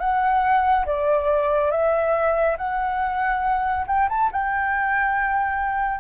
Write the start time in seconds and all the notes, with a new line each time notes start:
0.00 F#5
0.86 D5
1.71 E5
2.58 F#5
3.87 G5
4.09 A5
4.32 G5